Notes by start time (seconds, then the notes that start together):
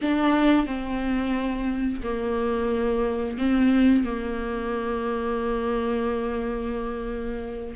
0.01 D4
0.66 C4
2.03 A#3
3.38 C4
4.04 A#3